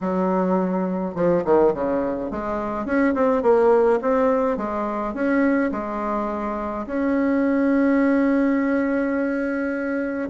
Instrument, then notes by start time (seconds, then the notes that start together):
bassoon
0.00 F#3
1.15 F3
1.44 D#3
1.74 C#3
2.30 G#3
2.85 C#4
3.14 C4
3.42 A#3
4.01 C4
4.57 G#3
5.14 C#4
5.71 G#3
6.86 C#4